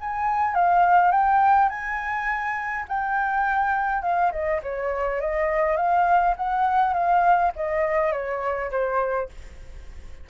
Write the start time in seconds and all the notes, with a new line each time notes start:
0.00 G#5
0.54 F5
1.11 G5
1.69 G#5
2.88 G5
4.02 F5
4.31 D#5
4.62 C#5
5.20 D#5
5.76 F5
6.36 F#5
6.93 F5
7.56 D#5
8.12 C#5
8.71 C5